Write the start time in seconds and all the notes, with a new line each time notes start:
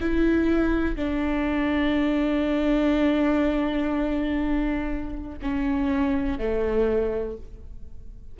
0.00 E4
0.96 D4
5.41 C#4
6.38 A3